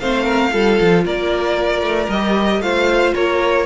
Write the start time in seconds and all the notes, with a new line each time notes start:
0.00 A3 C4 C5 F5
0.24 A#4
0.52 G3 F4 A4
0.80 F3
1.05 A#3 A#4 D5
1.82 A3
2.09 G3 G4 D#5
2.60 A3 F4 C5 F5
3.15 A#3 A#4 C#5